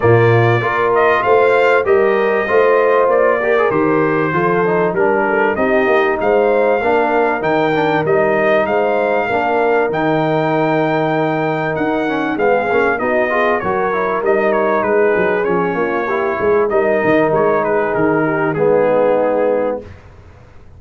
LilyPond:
<<
  \new Staff \with { instrumentName = "trumpet" } { \time 4/4 \tempo 4 = 97 d''4. dis''8 f''4 dis''4~ | dis''4 d''4 c''2 | ais'4 dis''4 f''2 | g''4 dis''4 f''2 |
g''2. fis''4 | f''4 dis''4 cis''4 dis''8 cis''8 | b'4 cis''2 dis''4 | cis''8 b'8 ais'4 gis'2 | }
  \new Staff \with { instrumentName = "horn" } { \time 4/4 f'4 ais'4 c''4 ais'4 | c''4. ais'4. a'4 | ais'8 a'8 g'4 c''4 ais'4~ | ais'2 c''4 ais'4~ |
ais'1 | gis'4 fis'8 gis'8 ais'2 | gis'4. f'8 g'8 gis'8 ais'4~ | ais'8 gis'4 g'8 dis'2 | }
  \new Staff \with { instrumentName = "trombone" } { \time 4/4 ais4 f'2 g'4 | f'4. g'16 gis'16 g'4 f'8 dis'8 | d'4 dis'2 d'4 | dis'8 d'8 dis'2 d'4 |
dis'2.~ dis'8 cis'8 | b8 cis'8 dis'8 f'8 fis'8 e'8 dis'4~ | dis'4 cis'4 e'4 dis'4~ | dis'2 b2 | }
  \new Staff \with { instrumentName = "tuba" } { \time 4/4 ais,4 ais4 a4 g4 | a4 ais4 dis4 f4 | g4 c'8 ais8 gis4 ais4 | dis4 g4 gis4 ais4 |
dis2. dis'4 | gis8 ais8 b4 fis4 g4 | gis8 fis8 f8 ais4 gis8 g8 dis8 | gis4 dis4 gis2 | }
>>